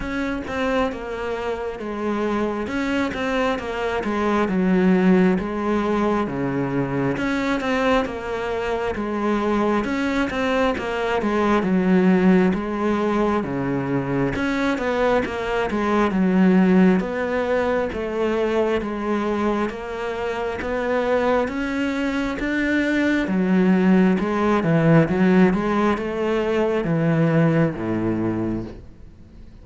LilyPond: \new Staff \with { instrumentName = "cello" } { \time 4/4 \tempo 4 = 67 cis'8 c'8 ais4 gis4 cis'8 c'8 | ais8 gis8 fis4 gis4 cis4 | cis'8 c'8 ais4 gis4 cis'8 c'8 | ais8 gis8 fis4 gis4 cis4 |
cis'8 b8 ais8 gis8 fis4 b4 | a4 gis4 ais4 b4 | cis'4 d'4 fis4 gis8 e8 | fis8 gis8 a4 e4 a,4 | }